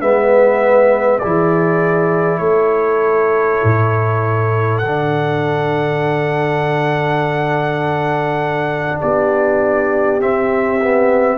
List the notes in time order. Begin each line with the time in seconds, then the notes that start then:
0.00 G#3 B3 B4 E5
1.19 E3 E4 G#4 D5
2.38 A3 A4 C#5
3.64 A2
4.78 D3 F#5
4.86 D4
9.00 B3 G4 D5
10.20 C4 E5
10.81 B3